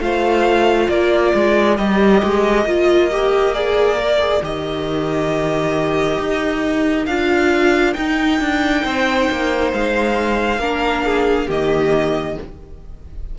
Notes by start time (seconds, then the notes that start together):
0.00 A3 F4 C5 F5
0.88 A#3 A#4 D5
1.34 G#3
1.77 G3 G4 D#5
2.23 G#3
2.65 A#3 F4
3.11 G4
3.54 G#4 D5
3.99 A#4
4.19 G#4
4.42 D#3 G4 D#5
6.19 D#4
7.06 D4 F4 F5
7.93 D#4 G5
8.40 D4
8.84 C4 C5
9.31 A#3
9.73 G#3 F5
10.58 A#3 D4 A#4
11.04 G#4
11.47 D#3 A#3 G4 D#5